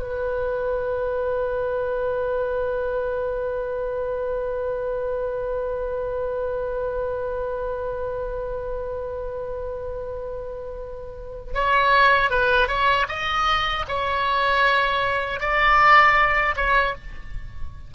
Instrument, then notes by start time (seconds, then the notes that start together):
oboe
0.00 B4
11.54 C#5
12.30 B4
12.68 C#5
13.08 D#5
13.88 C#5
15.40 D5
16.56 C#5